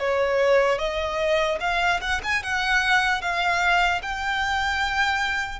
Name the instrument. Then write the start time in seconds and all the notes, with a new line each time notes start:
violin
0.00 C#5
0.79 D#5
1.61 F5
2.01 F#5
2.24 G#5
2.43 F#5
3.22 F5
4.03 G5